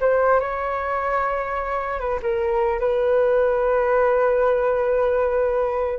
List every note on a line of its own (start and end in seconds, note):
0.00 0.40 C5
0.40 1.99 C#5
1.99 2.19 B4
2.22 2.79 A#4
2.79 5.99 B4